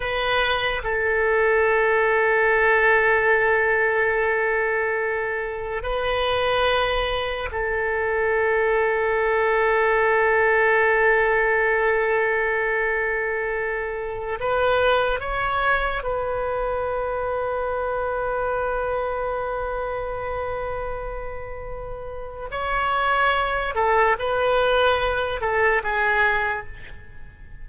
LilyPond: \new Staff \with { instrumentName = "oboe" } { \time 4/4 \tempo 4 = 72 b'4 a'2.~ | a'2. b'4~ | b'4 a'2.~ | a'1~ |
a'4~ a'16 b'4 cis''4 b'8.~ | b'1~ | b'2. cis''4~ | cis''8 a'8 b'4. a'8 gis'4 | }